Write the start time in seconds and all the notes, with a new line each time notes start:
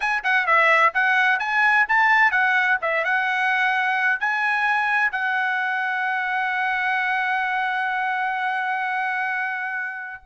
0.00 G#5
0.23 F#5
0.46 E5
0.94 F#5
1.39 G#5
1.88 A5
2.31 F#5
2.81 E5
3.04 F#5
4.20 G#5
5.11 F#5